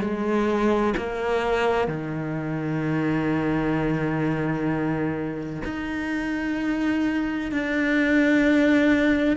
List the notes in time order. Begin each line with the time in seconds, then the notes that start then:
0.00 G#3
0.97 A#3
1.87 D#3
5.64 D#4
7.51 D4